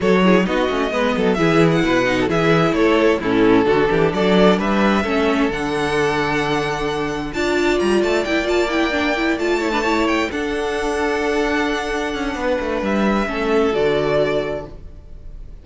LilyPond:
<<
  \new Staff \with { instrumentName = "violin" } { \time 4/4 \tempo 4 = 131 cis''4 dis''2 e''8. fis''16~ | fis''4 e''4 cis''4 a'4~ | a'4 d''4 e''2 | fis''1 |
a''4 ais''8 a''8 g''8 a''8 g''4~ | g''8 a''4. g''8 fis''4.~ | fis''1 | e''2 d''2 | }
  \new Staff \with { instrumentName = "violin" } { \time 4/4 a'8 gis'8 fis'4 b'8 a'8 gis'4 | b'8. a'16 gis'4 a'4 e'4 | fis'8 g'8 a'4 b'4 a'4~ | a'1 |
d''1~ | d''4 cis''16 b'16 cis''4 a'4.~ | a'2. b'4~ | b'4 a'2. | }
  \new Staff \with { instrumentName = "viola" } { \time 4/4 fis'8 e'8 dis'8 cis'8 b4 e'4~ | e'8 dis'8 e'2 cis'4 | d'2. cis'4 | d'1 |
f'2 e'8 f'8 e'8 d'8 | e'8 f'8 e'16 d'16 e'4 d'4.~ | d'1~ | d'4 cis'4 fis'2 | }
  \new Staff \with { instrumentName = "cello" } { \time 4/4 fis4 b8 a8 gis8 fis8 e4 | b,4 e4 a4 a,4 | d8 e8 fis4 g4 a4 | d1 |
d'4 g8 a8 ais2~ | ais8 a2 d'4.~ | d'2~ d'8 cis'8 b8 a8 | g4 a4 d2 | }
>>